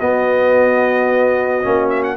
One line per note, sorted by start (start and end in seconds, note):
0.00 1.63 B3
0.00 1.65 B3
0.00 2.17 F#4
0.00 1.90 D#5
1.63 2.17 A#3
1.63 2.17 C#4
1.90 2.03 E5
2.04 2.17 F#5